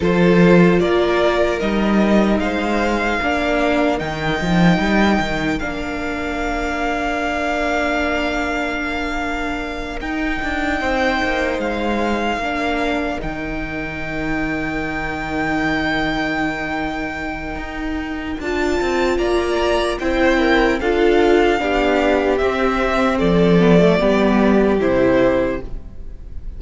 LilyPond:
<<
  \new Staff \with { instrumentName = "violin" } { \time 4/4 \tempo 4 = 75 c''4 d''4 dis''4 f''4~ | f''4 g''2 f''4~ | f''1~ | f''8 g''2 f''4.~ |
f''8 g''2.~ g''8~ | g''2. a''4 | ais''4 g''4 f''2 | e''4 d''2 c''4 | }
  \new Staff \with { instrumentName = "violin" } { \time 4/4 a'4 ais'2 c''4 | ais'1~ | ais'1~ | ais'4. c''2 ais'8~ |
ais'1~ | ais'1 | d''4 c''8 ais'8 a'4 g'4~ | g'4 a'4 g'2 | }
  \new Staff \with { instrumentName = "viola" } { \time 4/4 f'2 dis'2 | d'4 dis'2 d'4~ | d'1~ | d'8 dis'2. d'8~ |
d'8 dis'2.~ dis'8~ | dis'2. f'4~ | f'4 e'4 f'4 d'4 | c'4. b16 a16 b4 e'4 | }
  \new Staff \with { instrumentName = "cello" } { \time 4/4 f4 ais4 g4 gis4 | ais4 dis8 f8 g8 dis8 ais4~ | ais1~ | ais8 dis'8 d'8 c'8 ais8 gis4 ais8~ |
ais8 dis2.~ dis8~ | dis2 dis'4 d'8 c'8 | ais4 c'4 d'4 b4 | c'4 f4 g4 c4 | }
>>